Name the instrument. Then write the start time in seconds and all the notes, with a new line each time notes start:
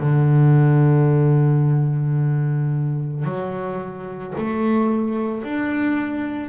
double bass
0.00 D3
3.25 F#3
4.38 A3
5.44 D4